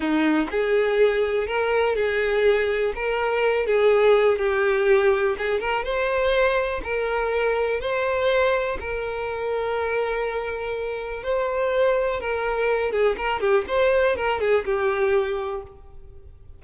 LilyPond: \new Staff \with { instrumentName = "violin" } { \time 4/4 \tempo 4 = 123 dis'4 gis'2 ais'4 | gis'2 ais'4. gis'8~ | gis'4 g'2 gis'8 ais'8 | c''2 ais'2 |
c''2 ais'2~ | ais'2. c''4~ | c''4 ais'4. gis'8 ais'8 g'8 | c''4 ais'8 gis'8 g'2 | }